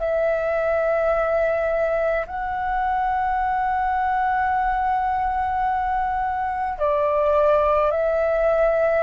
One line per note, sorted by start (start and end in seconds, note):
0.00 2.26 E5
2.27 6.79 F#5
6.79 7.91 D5
7.91 9.04 E5